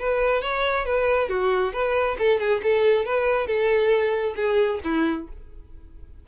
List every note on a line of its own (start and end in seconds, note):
0.00 0.42 B4
0.42 0.86 C#5
0.86 1.30 B4
1.30 1.73 F#4
1.74 2.17 B4
2.19 2.40 A4
2.40 2.62 G#4
2.64 3.06 A4
3.06 3.47 B4
3.47 4.35 A4
4.36 4.80 G#4
4.85 5.28 E4